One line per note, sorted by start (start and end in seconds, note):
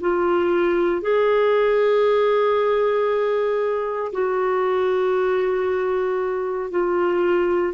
0.00 1.02 F4
1.02 4.12 G#4
4.12 6.71 F#4
6.71 7.74 F4